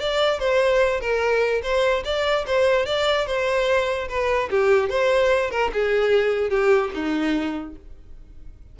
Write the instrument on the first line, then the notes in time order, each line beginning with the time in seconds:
violin
0.00 D5
0.40 C5
1.01 A#4
1.63 C5
2.04 D5
2.46 C5
2.86 D5
3.27 C5
4.09 B4
4.50 G4
4.89 C5
5.50 A#4
5.73 G#4
6.50 G4
6.94 D#4